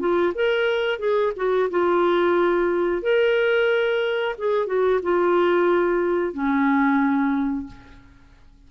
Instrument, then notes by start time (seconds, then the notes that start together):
clarinet
0.00 F4
0.35 A#4
0.99 G#4
1.37 F#4
1.71 F4
3.02 A#4
4.39 G#4
4.67 F#4
5.03 F4
6.34 C#4